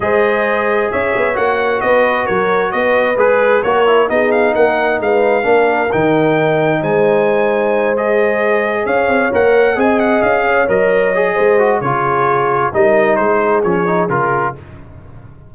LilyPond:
<<
  \new Staff \with { instrumentName = "trumpet" } { \time 4/4 \tempo 4 = 132 dis''2 e''4 fis''4 | dis''4 cis''4 dis''4 b'4 | cis''4 dis''8 f''8 fis''4 f''4~ | f''4 g''2 gis''4~ |
gis''4. dis''2 f''8~ | f''8 fis''4 gis''8 fis''8 f''4 dis''8~ | dis''2 cis''2 | dis''4 c''4 cis''4 ais'4 | }
  \new Staff \with { instrumentName = "horn" } { \time 4/4 c''2 cis''2 | b'4 ais'4 b'2 | ais'4 gis'4 ais'4 b'4 | ais'2. c''4~ |
c''2.~ c''8 cis''8~ | cis''4. dis''4. cis''4~ | cis''4 c''4 gis'2 | ais'4 gis'2. | }
  \new Staff \with { instrumentName = "trombone" } { \time 4/4 gis'2. fis'4~ | fis'2. gis'4 | fis'8 e'8 dis'2. | d'4 dis'2.~ |
dis'4. gis'2~ gis'8~ | gis'8 ais'4 gis'2 ais'8~ | ais'8 gis'4 fis'8 f'2 | dis'2 cis'8 dis'8 f'4 | }
  \new Staff \with { instrumentName = "tuba" } { \time 4/4 gis2 cis'8 b8 ais4 | b4 fis4 b4 gis4 | ais4 b4 ais4 gis4 | ais4 dis2 gis4~ |
gis2.~ gis8 cis'8 | c'8 ais4 c'4 cis'4 fis8~ | fis4 gis4 cis2 | g4 gis4 f4 cis4 | }
>>